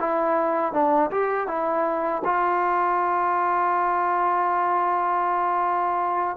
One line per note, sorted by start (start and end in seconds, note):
0.00 0.73 E4
0.73 1.11 D4
1.11 1.48 G4
1.48 2.23 E4
2.25 6.37 F4